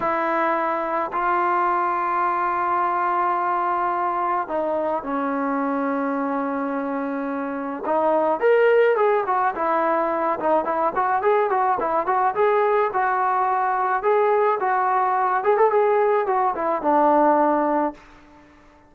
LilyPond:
\new Staff \with { instrumentName = "trombone" } { \time 4/4 \tempo 4 = 107 e'2 f'2~ | f'1 | dis'4 cis'2.~ | cis'2 dis'4 ais'4 |
gis'8 fis'8 e'4. dis'8 e'8 fis'8 | gis'8 fis'8 e'8 fis'8 gis'4 fis'4~ | fis'4 gis'4 fis'4. gis'16 a'16 | gis'4 fis'8 e'8 d'2 | }